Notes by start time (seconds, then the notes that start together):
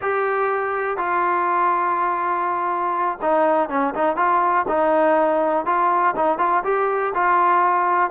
0.01 G4
0.97 F4
3.21 D#4
3.69 C#4
3.94 D#4
4.16 F4
4.67 D#4
5.65 F4
6.16 D#4
6.38 F4
6.63 G4
7.14 F4